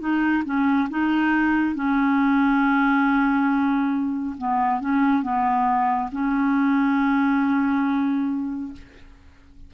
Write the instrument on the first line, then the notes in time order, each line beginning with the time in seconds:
clarinet
0.00 D#4
0.45 C#4
0.90 D#4
1.75 C#4
4.38 B3
4.81 C#4
5.23 B3
6.12 C#4